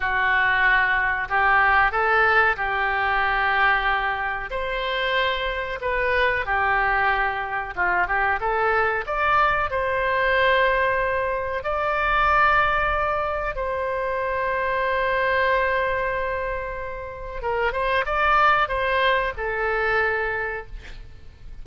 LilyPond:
\new Staff \with { instrumentName = "oboe" } { \time 4/4 \tempo 4 = 93 fis'2 g'4 a'4 | g'2. c''4~ | c''4 b'4 g'2 | f'8 g'8 a'4 d''4 c''4~ |
c''2 d''2~ | d''4 c''2.~ | c''2. ais'8 c''8 | d''4 c''4 a'2 | }